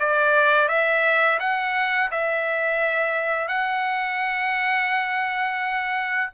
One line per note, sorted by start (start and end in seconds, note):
0.00 0.69 D5
0.69 1.39 E5
1.40 2.10 F#5
2.11 3.48 E5
3.48 6.30 F#5